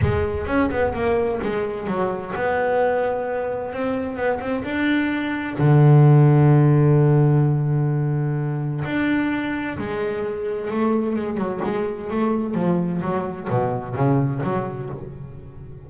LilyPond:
\new Staff \with { instrumentName = "double bass" } { \time 4/4 \tempo 4 = 129 gis4 cis'8 b8 ais4 gis4 | fis4 b2. | c'4 b8 c'8 d'2 | d1~ |
d2. d'4~ | d'4 gis2 a4 | gis8 fis8 gis4 a4 f4 | fis4 b,4 cis4 fis4 | }